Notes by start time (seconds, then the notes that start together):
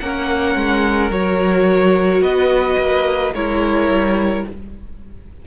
0.00 A#3 C#4 A#4 F#5
0.56 G#3
1.10 F#3 F#4 C#5
2.21 B3 B4 D#5
2.80 A#3
3.34 G#3 E4 A#4 C#5
3.88 G3